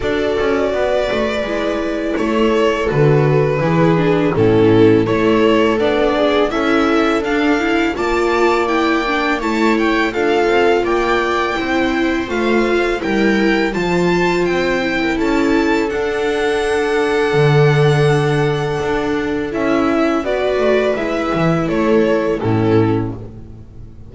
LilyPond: <<
  \new Staff \with { instrumentName = "violin" } { \time 4/4 \tempo 4 = 83 d''2. cis''4 | b'2 a'4 cis''4 | d''4 e''4 f''4 a''4 | g''4 a''8 g''8 f''4 g''4~ |
g''4 f''4 g''4 a''4 | g''4 a''4 fis''2~ | fis''2. e''4 | d''4 e''4 cis''4 a'4 | }
  \new Staff \with { instrumentName = "viola" } { \time 4/4 a'4 b'2 a'4~ | a'4 gis'4 e'4 a'4~ | a'8 gis'8 a'2 d''4~ | d''4 cis''4 a'4 d''4 |
c''2 ais'4 c''4~ | c''8. ais'16 a'2.~ | a'1 | b'2 a'4 e'4 | }
  \new Staff \with { instrumentName = "viola" } { \time 4/4 fis'2 e'2 | fis'4 e'8 d'8 cis'4 e'4 | d'4 e'4 d'8 e'8 f'4 | e'8 d'8 e'4 f'2 |
e'4 f'4 e'4 f'4~ | f'8 e'4. d'2~ | d'2. e'4 | fis'4 e'2 cis'4 | }
  \new Staff \with { instrumentName = "double bass" } { \time 4/4 d'8 cis'8 b8 a8 gis4 a4 | d4 e4 a,4 a4 | b4 cis'4 d'4 ais4~ | ais4 a4 d'8 c'8 ais4 |
c'4 a4 g4 f4 | c'4 cis'4 d'2 | d2 d'4 cis'4 | b8 a8 gis8 e8 a4 a,4 | }
>>